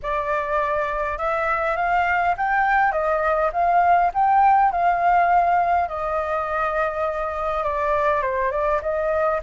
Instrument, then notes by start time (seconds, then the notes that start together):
flute
0.02 D5
1.18 E5
1.76 F5
2.37 G5
2.91 D#5
3.52 F5
4.14 G5
4.71 F5
5.88 D#5
7.63 D5
8.21 C5
8.51 D5
8.82 D#5